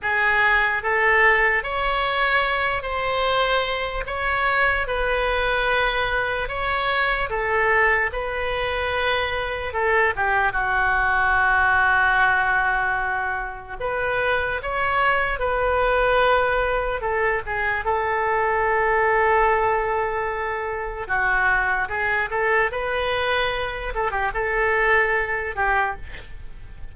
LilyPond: \new Staff \with { instrumentName = "oboe" } { \time 4/4 \tempo 4 = 74 gis'4 a'4 cis''4. c''8~ | c''4 cis''4 b'2 | cis''4 a'4 b'2 | a'8 g'8 fis'2.~ |
fis'4 b'4 cis''4 b'4~ | b'4 a'8 gis'8 a'2~ | a'2 fis'4 gis'8 a'8 | b'4. a'16 g'16 a'4. g'8 | }